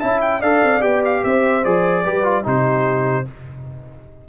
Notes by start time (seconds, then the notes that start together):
0.00 C#4 E4 E5 A5
0.22 G5
0.40 D4 A4 D5 F5
0.63 C4
0.81 B3 G4 G5
1.05 F5
1.24 C4 C5 E5
1.65 F3 G#4 D5
2.04 G3 G4 B4
2.24 F4
2.44 C3 D#4 G4 C5